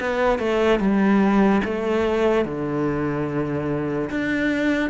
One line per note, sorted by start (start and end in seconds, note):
0.00 0.39 B3
0.39 0.80 A3
0.80 1.62 G3
1.64 2.45 A3
2.45 4.09 D3
4.10 4.90 D4